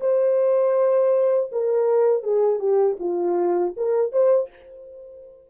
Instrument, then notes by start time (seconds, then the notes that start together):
horn
0.00 C5
1.52 A#4
2.23 G#4
2.59 G4
2.99 F4
3.76 A#4
4.12 C5